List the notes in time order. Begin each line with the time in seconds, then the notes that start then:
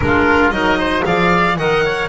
0.00 G#3 D4 F4 A#4
0.50 F#3 D#4 A#4 D#5
0.78 C5
1.02 F3 G#4 D5 F5
1.57 D#3 A#4 D#5 F#5
1.84 C#5